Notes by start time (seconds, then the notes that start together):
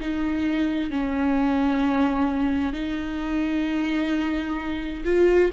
0.00 D#4
0.90 C#4
2.73 D#4
5.04 F4